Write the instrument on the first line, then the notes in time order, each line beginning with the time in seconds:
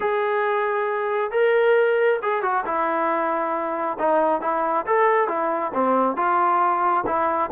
trombone
0.00 G#4
1.31 A#4
2.22 G#4
2.42 F#4
2.65 E4
3.98 D#4
4.41 E4
4.86 A4
5.27 E4
5.74 C4
6.16 F4
7.06 E4